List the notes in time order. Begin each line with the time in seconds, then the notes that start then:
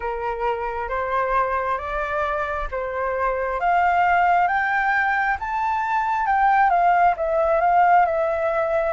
0.00 A#4
0.88 C5
1.78 D5
2.71 C5
3.60 F5
4.47 G5
5.39 A5
6.26 G5
6.70 F5
7.16 E5
7.60 F5
8.05 E5